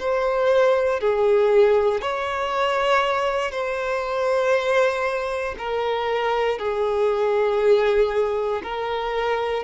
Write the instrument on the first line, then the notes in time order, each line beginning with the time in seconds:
violin
0.00 C5
1.01 G#4
2.02 C#5
3.52 C5
5.59 A#4
6.59 G#4
8.63 A#4